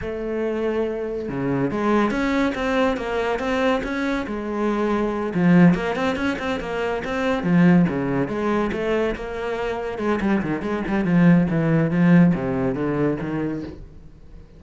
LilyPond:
\new Staff \with { instrumentName = "cello" } { \time 4/4 \tempo 4 = 141 a2. cis4 | gis4 cis'4 c'4 ais4 | c'4 cis'4 gis2~ | gis8 f4 ais8 c'8 cis'8 c'8 ais8~ |
ais8 c'4 f4 cis4 gis8~ | gis8 a4 ais2 gis8 | g8 dis8 gis8 g8 f4 e4 | f4 c4 d4 dis4 | }